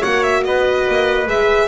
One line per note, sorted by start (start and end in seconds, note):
0.00 0.46 A#3
0.00 1.28 F#4
0.00 0.41 C#5
0.00 0.23 F#5
0.23 0.44 E5
0.45 0.88 B3
0.45 1.68 B4
0.45 1.27 D#5
0.88 1.27 A#3
1.27 1.68 G#3
1.27 1.68 G#4
1.27 1.68 E5